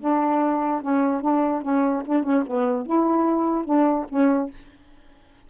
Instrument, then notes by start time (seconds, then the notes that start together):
saxophone
0.00 D4
0.81 C#4
1.21 D4
1.62 C#4
2.05 D4
2.23 C#4
2.46 B3
2.86 E4
3.65 D4
4.09 C#4